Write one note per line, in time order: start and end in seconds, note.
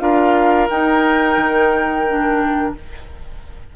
0.00 0.69 D4
0.00 0.68 F4
0.00 2.75 A#4
0.00 0.68 F5
0.70 1.37 D#4
0.70 2.08 D#4
0.70 2.74 G5
1.37 2.73 D#3
2.08 2.76 D4